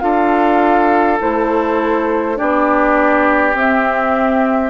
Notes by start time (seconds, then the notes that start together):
0.00 D4 F4 A4 F5
1.20 A3 E4 C5
2.36 B3 D4 G4 D5
3.54 C4 E5